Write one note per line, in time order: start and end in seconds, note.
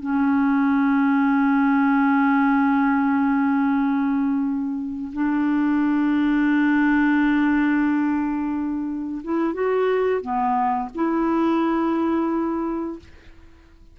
0.00 5.11 C#4
5.13 9.22 D4
9.24 9.54 E4
9.54 10.21 F#4
10.21 10.89 B3
10.95 12.99 E4